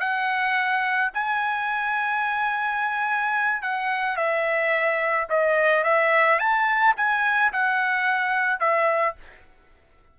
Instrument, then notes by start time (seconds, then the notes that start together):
trumpet
0.00 F#5
1.14 G#5
3.62 F#5
4.16 E5
5.29 D#5
5.84 E5
6.39 A5
6.96 G#5
7.53 F#5
8.60 E5